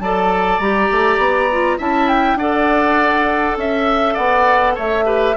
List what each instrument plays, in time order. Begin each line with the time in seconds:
0.00 bassoon F#3, clarinet A4, oboe D5, flute A5
0.59 bassoon G3, clarinet G4, flute A#5
0.92 bassoon A3
1.18 bassoon B3
1.51 clarinet F4
1.78 bassoon C#4, clarinet E4, oboe E5, flute A5
2.09 flute G5
2.35 bassoon D4, clarinet A4, oboe D5, flute F#5
3.56 bassoon C#4, flute E5, oboe E5
4.14 bassoon B3, oboe D5, flute F#5
4.75 bassoon A3, oboe C#5, flute E5
5.05 clarinet G4, oboe B4